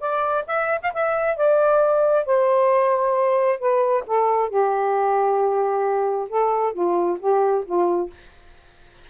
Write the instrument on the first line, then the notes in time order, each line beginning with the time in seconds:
saxophone
0.00 D5
0.47 E5
0.81 F5
0.93 E5
1.37 D5
2.25 C5
3.59 B4
4.07 A4
4.50 G4
6.29 A4
6.73 F4
7.19 G4
7.65 F4